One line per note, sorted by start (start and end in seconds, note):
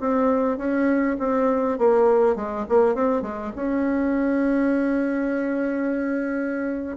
0.00 0.58 C4
0.58 1.17 C#4
1.19 1.78 C4
1.78 2.36 A#3
2.36 2.66 G#3
2.69 2.95 A#3
2.95 3.22 C4
3.22 3.52 G#3
3.56 6.97 C#4